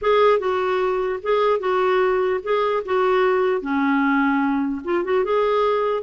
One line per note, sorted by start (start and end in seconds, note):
0.01 0.39 G#4
0.39 1.19 F#4
1.22 1.59 G#4
1.59 2.40 F#4
2.43 2.83 G#4
2.85 3.61 F#4
3.61 4.82 C#4
4.84 5.04 F4
5.04 5.24 F#4
5.24 6.03 G#4